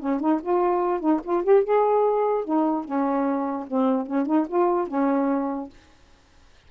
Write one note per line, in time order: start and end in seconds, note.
0.00 0.20 C#4
0.20 0.41 D#4
0.42 1.00 F4
1.00 1.21 D#4
1.24 1.44 F4
1.44 1.64 G4
1.64 2.45 G#4
2.45 2.85 D#4
2.85 3.67 C#4
3.68 4.07 C4
4.07 4.26 C#4
4.26 4.47 D#4
4.48 4.88 F4
4.88 5.70 C#4